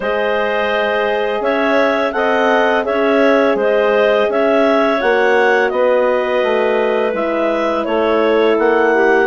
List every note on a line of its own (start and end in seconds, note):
0.00 1.40 G#3
0.00 2.13 G#4
0.00 1.41 C5
0.00 1.42 D#5
1.40 2.12 C#4
1.40 2.13 C#5
1.40 2.12 E5
2.12 2.85 C4
2.12 2.83 A4
2.12 2.85 D#5
2.12 2.83 F#5
2.83 3.55 C#4
2.83 4.97 G#4
2.83 3.56 C#5
2.83 3.56 E5
3.55 4.26 G#3
3.55 4.28 C5
3.61 4.31 D#5
4.28 4.99 C#4
4.28 5.72 C#5
4.28 5.01 E5
4.99 5.71 A#3
4.99 7.13 F#4
4.99 5.69 F#5
5.69 6.43 B3
5.69 7.87 B4
5.69 7.11 D#5
6.43 7.13 A3
7.13 7.85 G#3
7.13 9.26 E4
7.13 7.85 E5
7.85 8.57 A3
7.85 8.94 A4
7.85 8.56 C#5
8.58 9.26 A#3
8.58 9.26 F#5
8.94 9.26 G4